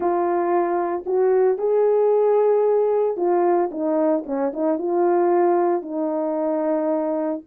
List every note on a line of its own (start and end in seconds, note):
0.00 1.04 F4
1.05 1.57 F#4
1.57 3.16 G#4
3.16 3.70 F4
3.71 4.24 D#4
4.26 4.52 C#4
4.53 4.78 D#4
4.78 5.81 F4
5.81 7.41 D#4